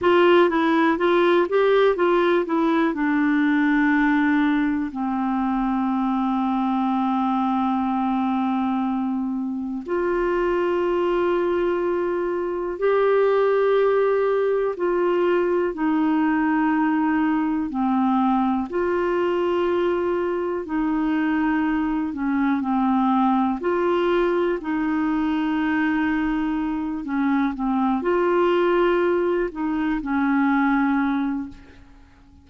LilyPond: \new Staff \with { instrumentName = "clarinet" } { \time 4/4 \tempo 4 = 61 f'8 e'8 f'8 g'8 f'8 e'8 d'4~ | d'4 c'2.~ | c'2 f'2~ | f'4 g'2 f'4 |
dis'2 c'4 f'4~ | f'4 dis'4. cis'8 c'4 | f'4 dis'2~ dis'8 cis'8 | c'8 f'4. dis'8 cis'4. | }